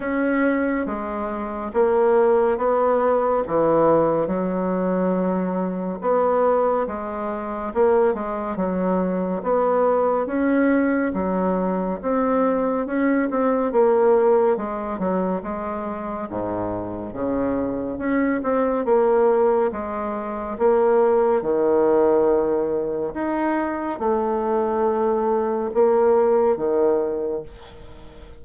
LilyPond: \new Staff \with { instrumentName = "bassoon" } { \time 4/4 \tempo 4 = 70 cis'4 gis4 ais4 b4 | e4 fis2 b4 | gis4 ais8 gis8 fis4 b4 | cis'4 fis4 c'4 cis'8 c'8 |
ais4 gis8 fis8 gis4 gis,4 | cis4 cis'8 c'8 ais4 gis4 | ais4 dis2 dis'4 | a2 ais4 dis4 | }